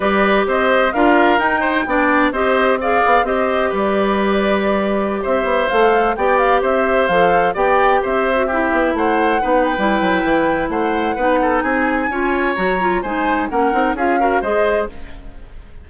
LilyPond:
<<
  \new Staff \with { instrumentName = "flute" } { \time 4/4 \tempo 4 = 129 d''4 dis''4 f''4 g''4~ | g''4 dis''4 f''4 dis''4 | d''2.~ d''16 e''8.~ | e''16 f''4 g''8 f''8 e''4 f''8.~ |
f''16 g''4 e''2 fis''8.~ | fis''8. g''2~ g''16 fis''4~ | fis''4 gis''2 ais''4 | gis''4 fis''4 f''4 dis''4 | }
  \new Staff \with { instrumentName = "oboe" } { \time 4/4 b'4 c''4 ais'4. c''8 | d''4 c''4 d''4 c''4 | b'2.~ b'16 c''8.~ | c''4~ c''16 d''4 c''4.~ c''16~ |
c''16 d''4 c''4 g'4 c''8.~ | c''16 b'2~ b'8. c''4 | b'8 a'8 gis'4 cis''2 | c''4 ais'4 gis'8 ais'8 c''4 | }
  \new Staff \with { instrumentName = "clarinet" } { \time 4/4 g'2 f'4 dis'4 | d'4 g'4 gis'4 g'4~ | g'1~ | g'16 a'4 g'2 a'8.~ |
a'16 g'4.~ g'16 fis'16 e'4.~ e'16~ | e'16 dis'8. e'2. | dis'2 f'4 fis'8 f'8 | dis'4 cis'8 dis'8 f'8 fis'8 gis'4 | }
  \new Staff \with { instrumentName = "bassoon" } { \time 4/4 g4 c'4 d'4 dis'4 | b4 c'4. b8 c'4 | g2.~ g16 c'8 b16~ | b16 a4 b4 c'4 f8.~ |
f16 b4 c'4. b8 a8.~ | a16 b8. g8 fis8 e4 a4 | b4 c'4 cis'4 fis4 | gis4 ais8 c'8 cis'4 gis4 | }
>>